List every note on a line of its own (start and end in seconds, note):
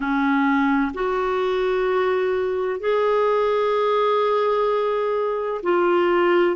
0.00 0.92 C#4
0.94 2.80 F#4
2.80 5.61 G#4
5.62 6.56 F4